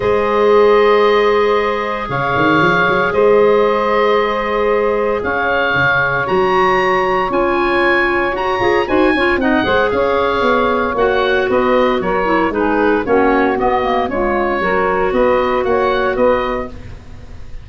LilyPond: <<
  \new Staff \with { instrumentName = "oboe" } { \time 4/4 \tempo 4 = 115 dis''1 | f''2 dis''2~ | dis''2 f''2 | ais''2 gis''2 |
ais''4 gis''4 fis''4 f''4~ | f''4 fis''4 dis''4 cis''4 | b'4 cis''4 dis''4 cis''4~ | cis''4 dis''4 fis''4 dis''4 | }
  \new Staff \with { instrumentName = "saxophone" } { \time 4/4 c''1 | cis''2 c''2~ | c''2 cis''2~ | cis''1~ |
cis''4 c''8 cis''8 dis''8 c''8 cis''4~ | cis''2 b'4 ais'4 | gis'4 fis'2 f'4 | ais'4 b'4 cis''4 b'4 | }
  \new Staff \with { instrumentName = "clarinet" } { \time 4/4 gis'1~ | gis'1~ | gis'1 | fis'2 f'2 |
fis'8 gis'8 fis'8 f'8 dis'8 gis'4.~ | gis'4 fis'2~ fis'8 e'8 | dis'4 cis'4 b8 ais8 gis4 | fis'1 | }
  \new Staff \with { instrumentName = "tuba" } { \time 4/4 gis1 | cis8 dis8 f8 fis8 gis2~ | gis2 cis'4 cis4 | fis2 cis'2 |
fis'8 f'8 dis'8 cis'8 c'8 gis8 cis'4 | b4 ais4 b4 fis4 | gis4 ais4 b4 cis'4 | fis4 b4 ais4 b4 | }
>>